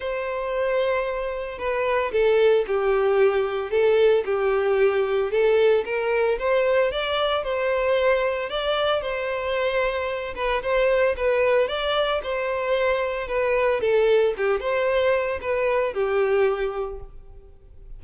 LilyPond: \new Staff \with { instrumentName = "violin" } { \time 4/4 \tempo 4 = 113 c''2. b'4 | a'4 g'2 a'4 | g'2 a'4 ais'4 | c''4 d''4 c''2 |
d''4 c''2~ c''8 b'8 | c''4 b'4 d''4 c''4~ | c''4 b'4 a'4 g'8 c''8~ | c''4 b'4 g'2 | }